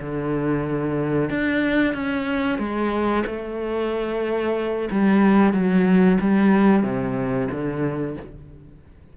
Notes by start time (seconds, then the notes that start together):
0.00 D3
1.29 D4
1.94 C#4
2.58 G#3
3.26 A3
4.91 G3
5.53 F#3
6.20 G3
6.83 C3
7.51 D3